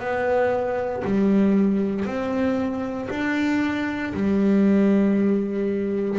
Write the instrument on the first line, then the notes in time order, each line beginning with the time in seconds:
double bass
0.00 B3
1.05 G3
2.06 C4
3.10 D4
4.14 G3